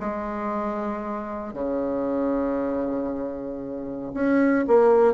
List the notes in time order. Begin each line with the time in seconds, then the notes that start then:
0.00 G#3
1.54 C#3
4.14 C#4
4.68 A#3